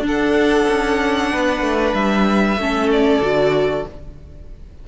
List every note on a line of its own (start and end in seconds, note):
0.00 0.64 D4
0.00 2.58 D4
0.00 1.32 A4
0.08 1.94 F#5
0.69 1.33 C#4
1.32 1.61 B3
1.32 2.60 B4
1.61 1.93 A3
1.94 2.57 G3
1.94 2.90 E5
2.57 3.20 A3
2.57 3.22 C#4
2.57 3.87 A4
2.92 3.87 D5
3.21 3.85 D3
3.21 3.86 F#4